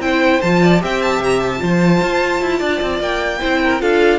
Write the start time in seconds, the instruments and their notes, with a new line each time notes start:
0.00 cello C4, viola E4, violin C5 G5
0.42 cello F3, viola F4, violin A5
0.63 violin D5
0.80 cello C4, viola G4, violin E5 G5
1.02 violin A5
1.20 cello C3, violin A#5
1.40 violin A5
1.57 cello F3, viola F4, violin C5
2.02 cello F4
2.42 cello E4
2.59 cello D4, violin D5
2.82 cello C4
3.00 cello A#3, violin G5
3.40 cello C4, viola E4, violin C5
3.64 violin A#4
3.80 cello D4, viola F4, violin A4 F5